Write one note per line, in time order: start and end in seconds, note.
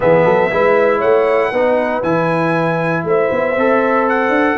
0.00 0.25 E3
0.00 0.51 B3
0.00 0.24 G#4
0.00 1.00 E5
0.24 0.50 F#3
0.24 0.50 A4
0.51 1.02 G#3
0.51 1.53 E4
0.51 0.98 B4
0.98 1.51 A3
0.98 1.49 C#5
0.98 2.02 F#5
1.50 2.02 B3
1.50 2.03 D#4
1.50 3.03 B4
2.02 3.04 E3
2.02 3.55 E4
2.02 3.04 G#5
3.04 3.29 A3
3.04 4.57 C5
3.04 4.09 E5
3.31 3.56 B3
3.56 4.29 C4
3.56 4.57 A4
4.09 4.57 F#5
4.29 4.54 D4